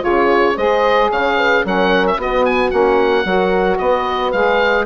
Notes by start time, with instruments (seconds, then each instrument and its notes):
0.00 bassoon C#3, saxophone F4, horn G#4, oboe C#5
0.56 bassoon G#3, saxophone G#4, horn C5, oboe D#5
1.11 bassoon C#3, horn C#5, oboe F5
1.38 horn B4
1.65 bassoon F#3, saxophone C#4, horn A#4, oboe F#5
2.07 oboe E5
2.17 bassoon B3, saxophone B3, horn F#4, oboe D#5
2.45 oboe G#5
2.70 bassoon A#3, saxophone C#4, oboe F#5
3.25 bassoon F#3, saxophone F#4, horn A#4
3.78 bassoon B3, horn B4, oboe D#5
4.32 bassoon G#3, saxophone G#4, oboe F5